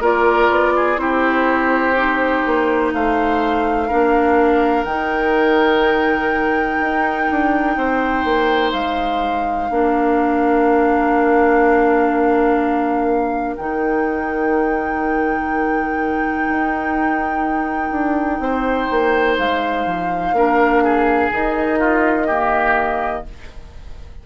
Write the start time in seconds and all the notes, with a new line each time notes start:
0.00 A#3 F4 A#4 D5
0.49 B3
0.76 G#4
0.96 C4 E4 G4 C5
1.96 D#4
2.45 A#3
2.93 A3 C5 F5
3.87 A#3 D4 A#4
4.83 D#3 D#4 G5
6.80 D#4
7.30 D4
7.76 C4 C5
8.24 A#3
8.72 G#3 F5
9.70 A#3 D4 A#4
13.56 D#3 D#4 G5
16.48 D#4
17.90 D4
18.39 C4 C5
18.90 A#3
19.38 G#3 F5
19.86 F3
20.32 A#3 D4 A#4
20.83 G#4
21.30 D#3 D#4 D#5
21.79 F4
22.27 A#3 G4